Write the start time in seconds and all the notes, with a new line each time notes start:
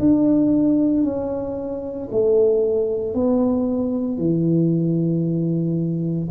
0.00 D4
1.04 C#4
2.12 A3
3.14 B3
4.18 E3